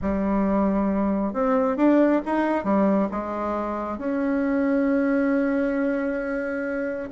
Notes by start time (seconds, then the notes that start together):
0.01 G3
1.33 C4
1.77 D4
2.25 D#4
2.64 G3
3.11 G#3
3.98 C#4